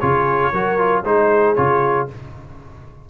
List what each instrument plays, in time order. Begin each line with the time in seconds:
0.00 tuba C#3, trombone F4, horn G#4, trumpet C#5
0.52 tuba F#3, trombone F#4, horn A#4
0.79 trombone F4
1.05 tuba G#3, trombone D#4, horn G#4, trumpet C5
1.56 tuba C#3, trombone F4, trumpet C#5